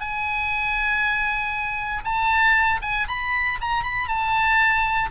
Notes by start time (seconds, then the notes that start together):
0.00 G#5
2.04 A5
2.82 G#5
3.08 B5
3.61 A#5
3.84 B5
4.08 A5